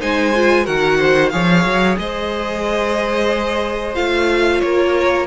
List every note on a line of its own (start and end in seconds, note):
0.00 0.67 G#3
0.00 0.33 D#4
0.00 0.64 C5
0.00 0.66 G#5
0.35 0.65 F4
0.64 1.33 D#3
0.64 1.31 F#4
0.64 0.97 A#4
0.64 1.29 F#5
0.98 1.31 C5
1.29 1.64 F3
1.29 3.95 G#4
1.29 1.98 C#5
1.29 1.95 F5
1.64 1.97 F#3
1.98 3.96 G#3
1.98 4.63 C5
1.98 3.95 D#5
3.95 4.62 A3
3.95 5.27 F4
3.95 4.60 F5
4.60 5.27 A#3
4.60 5.27 A#4
4.60 5.26 C#5